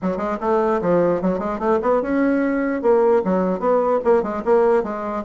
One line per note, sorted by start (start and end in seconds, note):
0.01 0.17 F#3
0.17 0.37 G#3
0.40 0.80 A3
0.81 1.21 F3
1.21 1.39 F#3
1.39 1.59 G#3
1.59 1.79 A3
1.82 2.02 B3
2.02 2.82 C#4
2.82 3.22 A#3
3.24 3.59 F#3
3.59 3.99 B3
4.04 4.22 A#3
4.22 4.42 G#3
4.44 4.83 A#3
4.83 5.23 G#3